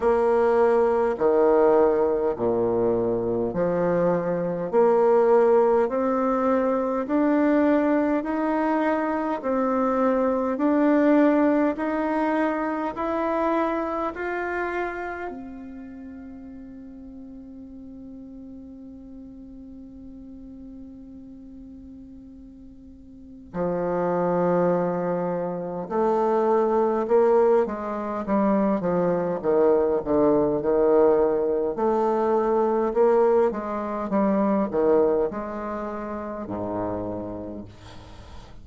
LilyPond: \new Staff \with { instrumentName = "bassoon" } { \time 4/4 \tempo 4 = 51 ais4 dis4 ais,4 f4 | ais4 c'4 d'4 dis'4 | c'4 d'4 dis'4 e'4 | f'4 c'2.~ |
c'1 | f2 a4 ais8 gis8 | g8 f8 dis8 d8 dis4 a4 | ais8 gis8 g8 dis8 gis4 gis,4 | }